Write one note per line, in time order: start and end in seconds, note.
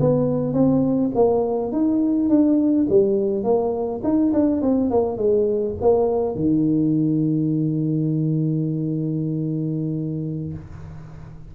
0.00 0.53 B3
0.53 1.11 C4
1.15 1.72 A#3
1.72 2.29 D#4
2.29 2.87 D4
2.89 3.44 G3
3.44 4.01 A#3
4.04 4.32 D#4
4.33 4.62 D4
4.62 4.90 C4
4.90 5.17 A#3
5.17 5.75 G#3
5.81 6.35 A#3
6.35 10.53 D#3